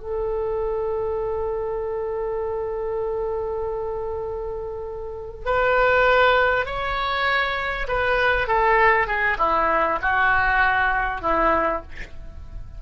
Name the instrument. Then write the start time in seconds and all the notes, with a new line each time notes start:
oboe
0.00 A4
5.45 B4
6.66 C#5
7.88 B4
8.47 A4
9.06 G#4
9.38 E4
10.02 F#4
11.21 E4